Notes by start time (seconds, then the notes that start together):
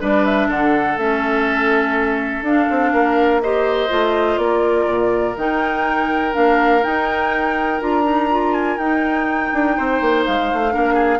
0.00 G3 D4 B4 D5
0.25 E5
0.48 D3 A4 F#5
0.97 A3 C#4 E5
2.42 D4 F5
2.70 C4
2.92 A#3 A#4
3.42 G4 C5 D#5
3.89 A3 F4
4.37 A#3 A#4 D5
4.87 A#2
5.36 D#3 D#4 G5
6.32 A#3 D4 F5
6.82 D#4 G5
7.80 D4 F4 A#5
8.03 D#4
8.30 F4
8.53 G#5
8.77 D#4 G5
9.53 D4
9.76 C4 C5
10.01 A#3
10.25 G#3 F5
10.53 A3
10.70 A#3 D4 A#4
10.94 G#4